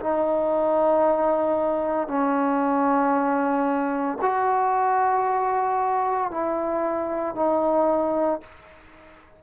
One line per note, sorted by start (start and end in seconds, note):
0.00 2.07 D#4
2.07 4.18 C#4
4.21 6.31 F#4
6.31 7.35 E4
7.35 8.40 D#4